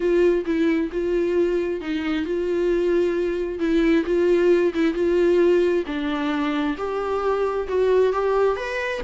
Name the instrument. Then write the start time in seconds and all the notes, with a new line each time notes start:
viola
0.00 F4
0.45 E4
0.91 F4
1.80 D#4
2.25 F4
3.59 E4
4.05 F4
4.74 E4
4.94 F4
5.86 D4
6.77 G4
7.68 F#4
8.12 G4
8.56 B4